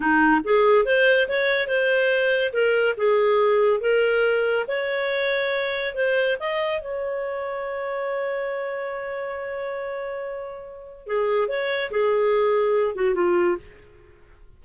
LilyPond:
\new Staff \with { instrumentName = "clarinet" } { \time 4/4 \tempo 4 = 141 dis'4 gis'4 c''4 cis''4 | c''2 ais'4 gis'4~ | gis'4 ais'2 cis''4~ | cis''2 c''4 dis''4 |
cis''1~ | cis''1~ | cis''2 gis'4 cis''4 | gis'2~ gis'8 fis'8 f'4 | }